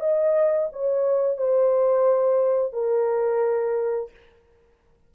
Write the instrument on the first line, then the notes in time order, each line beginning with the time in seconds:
horn
0.00 D#5
0.72 C#5
1.38 C5
2.73 A#4